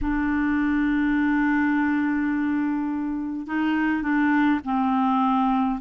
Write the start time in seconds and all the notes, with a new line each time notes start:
0.01 D4
3.46 D#4
4.02 D4
4.64 C4